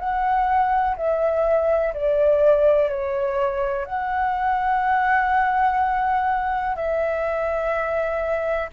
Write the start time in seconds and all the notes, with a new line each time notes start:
0.00 F#5
0.97 E5
1.94 D5
2.89 C#5
3.86 F#5
6.77 E5